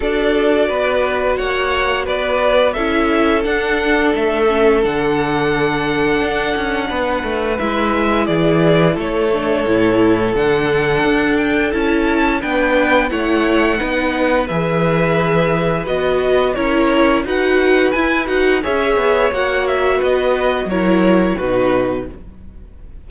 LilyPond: <<
  \new Staff \with { instrumentName = "violin" } { \time 4/4 \tempo 4 = 87 d''2 fis''4 d''4 | e''4 fis''4 e''4 fis''4~ | fis''2. e''4 | d''4 cis''2 fis''4~ |
fis''8 g''8 a''4 g''4 fis''4~ | fis''4 e''2 dis''4 | cis''4 fis''4 gis''8 fis''8 e''4 | fis''8 e''8 dis''4 cis''4 b'4 | }
  \new Staff \with { instrumentName = "violin" } { \time 4/4 a'4 b'4 cis''4 b'4 | a'1~ | a'2 b'2 | gis'4 a'2.~ |
a'2 b'4 cis''4 | b'1 | ais'4 b'2 cis''4~ | cis''4 b'4 ais'4 fis'4 | }
  \new Staff \with { instrumentName = "viola" } { \time 4/4 fis'1 | e'4 d'4. cis'8 d'4~ | d'2. e'4~ | e'4. d'8 e'4 d'4~ |
d'4 e'4 d'4 e'4 | dis'4 gis'2 fis'4 | e'4 fis'4 e'8 fis'8 gis'4 | fis'2 e'4 dis'4 | }
  \new Staff \with { instrumentName = "cello" } { \time 4/4 d'4 b4 ais4 b4 | cis'4 d'4 a4 d4~ | d4 d'8 cis'8 b8 a8 gis4 | e4 a4 a,4 d4 |
d'4 cis'4 b4 a4 | b4 e2 b4 | cis'4 dis'4 e'8 dis'8 cis'8 b8 | ais4 b4 fis4 b,4 | }
>>